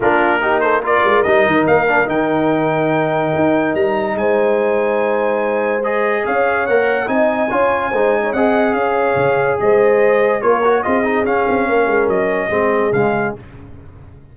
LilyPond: <<
  \new Staff \with { instrumentName = "trumpet" } { \time 4/4 \tempo 4 = 144 ais'4. c''8 d''4 dis''4 | f''4 g''2.~ | g''4 ais''4 gis''2~ | gis''2 dis''4 f''4 |
fis''4 gis''2. | fis''4 f''2 dis''4~ | dis''4 cis''4 dis''4 f''4~ | f''4 dis''2 f''4 | }
  \new Staff \with { instrumentName = "horn" } { \time 4/4 f'4 g'8 a'8 ais'2~ | ais'1~ | ais'2 c''2~ | c''2. cis''4~ |
cis''4 dis''4 cis''4 c''8. cis''16 | dis''4 cis''2 c''4~ | c''4 ais'4 gis'2 | ais'2 gis'2 | }
  \new Staff \with { instrumentName = "trombone" } { \time 4/4 d'4 dis'4 f'4 dis'4~ | dis'8 d'8 dis'2.~ | dis'1~ | dis'2 gis'2 |
ais'4 dis'4 f'4 dis'4 | gis'1~ | gis'4 f'8 fis'8 f'8 dis'8 cis'4~ | cis'2 c'4 gis4 | }
  \new Staff \with { instrumentName = "tuba" } { \time 4/4 ais2~ ais8 gis8 g8 dis8 | ais4 dis2. | dis'4 g4 gis2~ | gis2. cis'4 |
ais4 c'4 cis'4 gis4 | c'4 cis'4 cis4 gis4~ | gis4 ais4 c'4 cis'8 c'8 | ais8 gis8 fis4 gis4 cis4 | }
>>